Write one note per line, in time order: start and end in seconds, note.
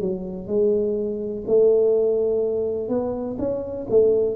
0.00 0.47 F#3
0.47 1.43 G#3
1.46 2.88 A3
2.88 3.37 B3
3.38 3.87 C#4
3.89 4.35 A3